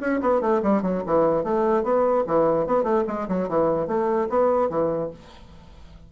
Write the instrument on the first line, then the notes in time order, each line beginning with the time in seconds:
bassoon
0.00 C#4
0.21 B3
0.41 A3
0.63 G3
0.82 F#3
1.06 E3
1.44 A3
1.83 B3
2.27 E3
2.67 B3
2.83 A3
3.07 G#3
3.28 F#3
3.49 E3
3.87 A3
4.29 B3
4.69 E3